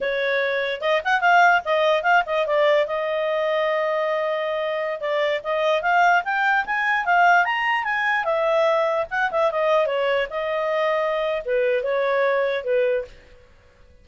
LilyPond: \new Staff \with { instrumentName = "clarinet" } { \time 4/4 \tempo 4 = 147 cis''2 dis''8 fis''8 f''4 | dis''4 f''8 dis''8 d''4 dis''4~ | dis''1~ | dis''16 d''4 dis''4 f''4 g''8.~ |
g''16 gis''4 f''4 ais''4 gis''8.~ | gis''16 e''2 fis''8 e''8 dis''8.~ | dis''16 cis''4 dis''2~ dis''8. | b'4 cis''2 b'4 | }